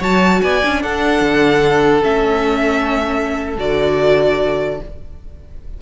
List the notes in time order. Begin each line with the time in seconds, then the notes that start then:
0.00 F#3 F#4 C#5 A5
0.42 B3 D5 G#5
0.64 C#4 D4
0.83 D4 A4 F#5
1.21 D3
2.03 A3 C#4 E5
3.58 D3 F#4 D5